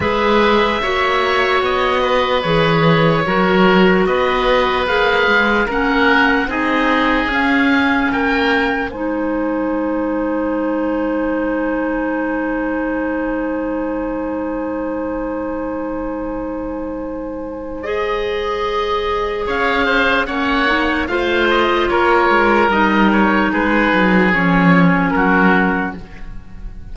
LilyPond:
<<
  \new Staff \with { instrumentName = "oboe" } { \time 4/4 \tempo 4 = 74 e''2 dis''4 cis''4~ | cis''4 dis''4 f''4 fis''4 | dis''4 f''4 g''4 gis''4~ | gis''1~ |
gis''1~ | gis''2 dis''2 | f''4 fis''4 f''8 dis''8 cis''4 | dis''8 cis''8 b'4 cis''4 ais'4 | }
  \new Staff \with { instrumentName = "oboe" } { \time 4/4 b'4 cis''4. b'4. | ais'4 b'2 ais'4 | gis'2 ais'4 c''4~ | c''1~ |
c''1~ | c''1 | cis''8 c''8 cis''4 c''4 ais'4~ | ais'4 gis'2 fis'4 | }
  \new Staff \with { instrumentName = "clarinet" } { \time 4/4 gis'4 fis'2 gis'4 | fis'2 gis'4 cis'4 | dis'4 cis'2 dis'4~ | dis'1~ |
dis'1~ | dis'2 gis'2~ | gis'4 cis'8 dis'8 f'2 | dis'2 cis'2 | }
  \new Staff \with { instrumentName = "cello" } { \time 4/4 gis4 ais4 b4 e4 | fis4 b4 ais8 gis8 ais4 | c'4 cis'4 ais4 gis4~ | gis1~ |
gis1~ | gis1 | cis'4 ais4 a4 ais8 gis8 | g4 gis8 fis8 f4 fis4 | }
>>